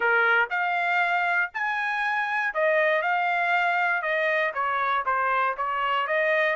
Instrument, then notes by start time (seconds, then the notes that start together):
trumpet
0.00 A#4
0.50 F5
1.54 G#5
2.53 D#5
3.01 F5
4.02 D#5
4.54 C#5
5.05 C5
5.57 C#5
6.07 D#5